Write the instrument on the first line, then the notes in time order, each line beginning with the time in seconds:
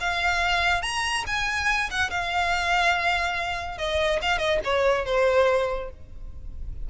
violin
0.00 F5
0.82 A#5
1.26 G#5
1.90 F#5
2.10 F5
3.78 D#5
4.22 F5
4.38 D#5
4.64 C#5
5.05 C5